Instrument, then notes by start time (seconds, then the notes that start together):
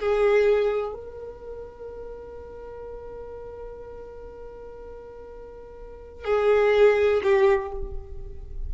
violin
0.00 G#4
0.94 A#4
6.25 G#4
7.24 G4